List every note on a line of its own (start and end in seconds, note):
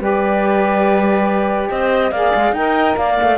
0.00 1.69 G3
0.00 2.11 G4
0.00 1.70 B4
0.00 1.69 D5
1.69 2.11 C4
1.69 2.11 C5
1.69 2.12 D#5
2.11 2.32 A#3
2.11 2.56 G#4
2.11 2.53 D5
2.11 2.53 F5
2.35 2.52 G#3
2.52 2.94 D#4
2.52 3.14 A#4
2.52 2.97 D#5
2.52 2.96 G5
2.96 3.18 A#3
2.96 3.38 D5
2.96 3.38 F5
3.14 3.35 A#3
3.22 3.38 A3